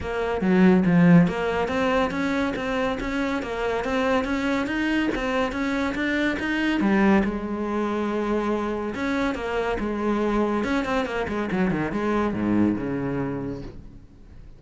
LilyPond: \new Staff \with { instrumentName = "cello" } { \time 4/4 \tempo 4 = 141 ais4 fis4 f4 ais4 | c'4 cis'4 c'4 cis'4 | ais4 c'4 cis'4 dis'4 | c'4 cis'4 d'4 dis'4 |
g4 gis2.~ | gis4 cis'4 ais4 gis4~ | gis4 cis'8 c'8 ais8 gis8 fis8 dis8 | gis4 gis,4 cis2 | }